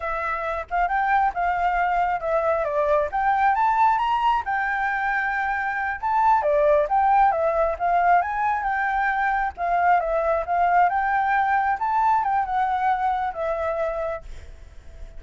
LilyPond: \new Staff \with { instrumentName = "flute" } { \time 4/4 \tempo 4 = 135 e''4. f''8 g''4 f''4~ | f''4 e''4 d''4 g''4 | a''4 ais''4 g''2~ | g''4. a''4 d''4 g''8~ |
g''8 e''4 f''4 gis''4 g''8~ | g''4. f''4 e''4 f''8~ | f''8 g''2 a''4 g''8 | fis''2 e''2 | }